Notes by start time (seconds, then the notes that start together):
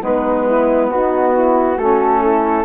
0.00 G#3 B3 D#4 B4
0.46 E4
0.90 B3 D#4 F#4
1.34 E4
1.77 A3 C#4 F#4 A4
2.22 E4